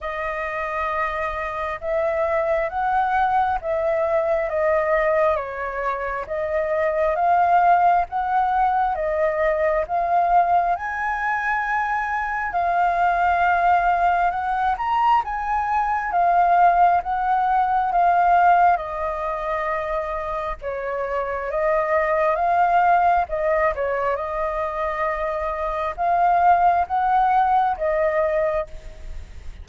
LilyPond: \new Staff \with { instrumentName = "flute" } { \time 4/4 \tempo 4 = 67 dis''2 e''4 fis''4 | e''4 dis''4 cis''4 dis''4 | f''4 fis''4 dis''4 f''4 | gis''2 f''2 |
fis''8 ais''8 gis''4 f''4 fis''4 | f''4 dis''2 cis''4 | dis''4 f''4 dis''8 cis''8 dis''4~ | dis''4 f''4 fis''4 dis''4 | }